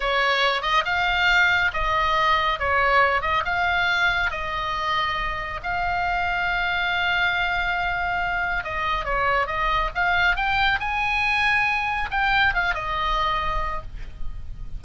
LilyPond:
\new Staff \with { instrumentName = "oboe" } { \time 4/4 \tempo 4 = 139 cis''4. dis''8 f''2 | dis''2 cis''4. dis''8 | f''2 dis''2~ | dis''4 f''2.~ |
f''1 | dis''4 cis''4 dis''4 f''4 | g''4 gis''2. | g''4 f''8 dis''2~ dis''8 | }